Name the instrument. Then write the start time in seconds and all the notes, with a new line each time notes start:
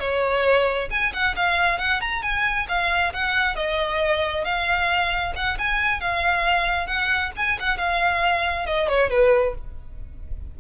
violin
0.00 C#5
0.91 G#5
1.13 F#5
1.36 F5
1.79 F#5
2.01 A#5
2.22 G#5
2.68 F5
3.13 F#5
3.56 D#5
4.45 F5
5.36 F#5
5.59 G#5
6.00 F5
6.87 F#5
7.37 G#5
7.60 F#5
7.78 F5
8.66 D#5
8.89 C#5
9.10 B4